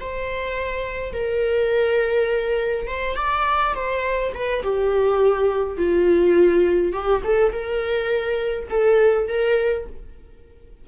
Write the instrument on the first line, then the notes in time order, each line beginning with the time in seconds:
viola
0.00 C5
1.13 A#4
2.87 C5
3.16 D5
3.75 C5
4.35 B4
4.63 G4
5.77 F4
6.93 G4
7.24 A4
7.53 A#4
8.70 A4
9.28 A#4